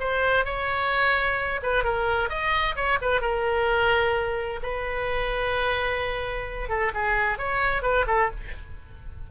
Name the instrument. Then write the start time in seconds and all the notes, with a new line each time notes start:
oboe
0.00 C5
0.45 C#5
1.63 B4
1.84 A#4
2.30 D#5
2.76 C#5
3.02 B4
3.21 A#4
4.63 B4
6.69 A4
6.94 G#4
7.38 C#5
7.82 B4
8.07 A4